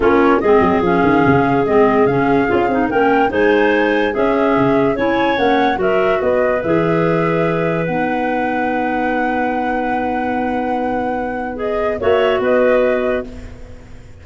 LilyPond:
<<
  \new Staff \with { instrumentName = "flute" } { \time 4/4 \tempo 4 = 145 cis''4 dis''4 f''2 | dis''4 f''2 g''4 | gis''2 e''2 | gis''4 fis''4 e''4 dis''4 |
e''2. fis''4~ | fis''1~ | fis''1 | dis''4 e''4 dis''2 | }
  \new Staff \with { instrumentName = "clarinet" } { \time 4/4 f'4 gis'2.~ | gis'2. ais'4 | c''2 gis'2 | cis''2 ais'4 b'4~ |
b'1~ | b'1~ | b'1~ | b'4 cis''4 b'2 | }
  \new Staff \with { instrumentName = "clarinet" } { \time 4/4 cis'4 c'4 cis'2 | c'4 cis'4 f'8 dis'8 cis'4 | dis'2 cis'2 | e'4 cis'4 fis'2 |
gis'2. dis'4~ | dis'1~ | dis'1 | gis'4 fis'2. | }
  \new Staff \with { instrumentName = "tuba" } { \time 4/4 ais4 gis8 fis8 f8 dis8 cis4 | gis4 cis4 cis'8 c'8 ais4 | gis2 cis'4 cis4 | cis'4 ais4 fis4 b4 |
e2. b4~ | b1~ | b1~ | b4 ais4 b2 | }
>>